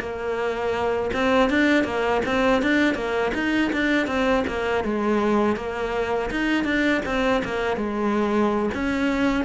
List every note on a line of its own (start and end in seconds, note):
0.00 1.11 A#3
1.14 1.50 C4
1.50 1.85 D4
1.85 2.22 A#3
2.26 2.63 C4
2.63 2.95 D4
2.95 3.32 A#3
3.35 3.72 D#4
3.73 4.07 D4
4.07 4.44 C4
4.48 4.85 A#3
4.85 5.57 G#3
5.57 6.31 A#3
6.31 6.65 D#4
6.65 7.02 D4
7.06 7.43 C4
7.45 7.77 A#3
7.77 8.70 G#3
8.75 9.45 C#4